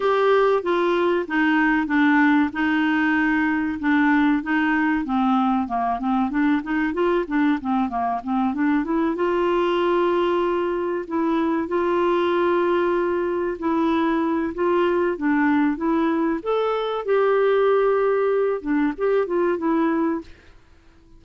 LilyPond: \new Staff \with { instrumentName = "clarinet" } { \time 4/4 \tempo 4 = 95 g'4 f'4 dis'4 d'4 | dis'2 d'4 dis'4 | c'4 ais8 c'8 d'8 dis'8 f'8 d'8 | c'8 ais8 c'8 d'8 e'8 f'4.~ |
f'4. e'4 f'4.~ | f'4. e'4. f'4 | d'4 e'4 a'4 g'4~ | g'4. d'8 g'8 f'8 e'4 | }